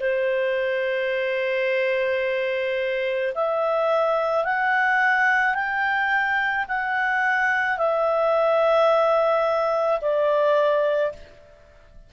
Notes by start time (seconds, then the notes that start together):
0.00 C5
3.34 E5
4.44 F#5
5.54 G5
6.68 F#5
7.77 E5
10.01 D5